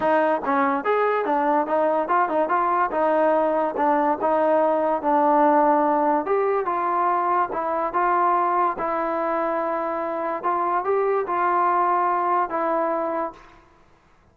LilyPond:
\new Staff \with { instrumentName = "trombone" } { \time 4/4 \tempo 4 = 144 dis'4 cis'4 gis'4 d'4 | dis'4 f'8 dis'8 f'4 dis'4~ | dis'4 d'4 dis'2 | d'2. g'4 |
f'2 e'4 f'4~ | f'4 e'2.~ | e'4 f'4 g'4 f'4~ | f'2 e'2 | }